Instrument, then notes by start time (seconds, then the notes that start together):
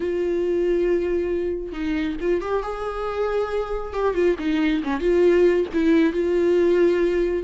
viola
0.00 F4
1.72 D#4
2.20 F4
2.41 G4
2.62 G#4
3.93 G4
4.14 F4
4.38 D#4
4.83 C#4
5.00 F4
5.73 E4
6.12 F4